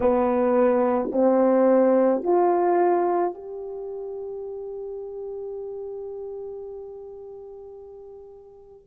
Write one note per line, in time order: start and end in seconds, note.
0.00 1.10 B3
1.12 2.23 C4
2.23 3.33 F4
3.33 8.87 G4